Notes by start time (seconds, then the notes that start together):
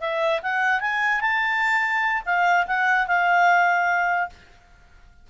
0.00 E5
0.42 F#5
0.80 G#5
1.21 A5
2.25 F5
2.66 F#5
3.07 F5